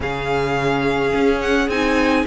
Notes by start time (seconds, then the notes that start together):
0.00 C#3 C#4 G#4 F5
1.15 C#4
1.40 F#5
1.68 C4 D#4 G#5